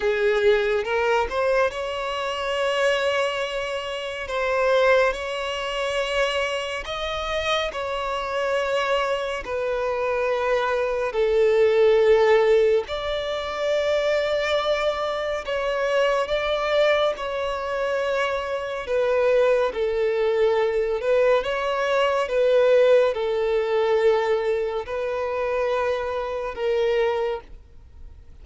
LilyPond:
\new Staff \with { instrumentName = "violin" } { \time 4/4 \tempo 4 = 70 gis'4 ais'8 c''8 cis''2~ | cis''4 c''4 cis''2 | dis''4 cis''2 b'4~ | b'4 a'2 d''4~ |
d''2 cis''4 d''4 | cis''2 b'4 a'4~ | a'8 b'8 cis''4 b'4 a'4~ | a'4 b'2 ais'4 | }